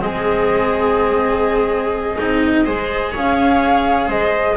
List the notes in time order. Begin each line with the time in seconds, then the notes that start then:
0.00 G#3 C4 G#4 D#5
2.18 C4 D#4
2.65 G#3 G#4 C5
3.12 C#4 C#5 F5
4.08 G#3 C5 D#5